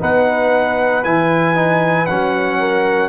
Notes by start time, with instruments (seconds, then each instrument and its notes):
0.00 tuba B3, trombone D#4, horn B4, trumpet F#5
1.04 tuba E3, trombone E4, trumpet G#5
1.55 trombone D#4
2.06 tuba F#3, trombone C#4, trumpet F#5
2.59 horn A#4